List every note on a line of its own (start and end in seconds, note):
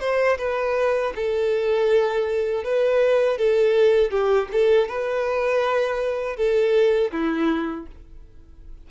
0.00 0.38 C5
0.38 1.13 B4
1.16 2.64 A4
2.64 3.38 B4
3.38 4.11 A4
4.11 4.49 G4
4.52 4.89 A4
4.89 6.36 B4
6.36 7.11 A4
7.12 7.87 E4